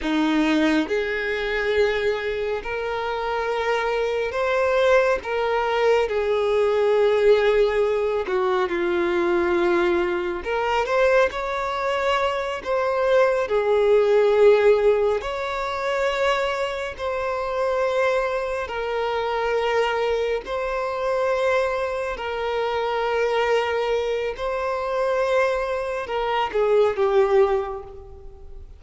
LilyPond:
\new Staff \with { instrumentName = "violin" } { \time 4/4 \tempo 4 = 69 dis'4 gis'2 ais'4~ | ais'4 c''4 ais'4 gis'4~ | gis'4. fis'8 f'2 | ais'8 c''8 cis''4. c''4 gis'8~ |
gis'4. cis''2 c''8~ | c''4. ais'2 c''8~ | c''4. ais'2~ ais'8 | c''2 ais'8 gis'8 g'4 | }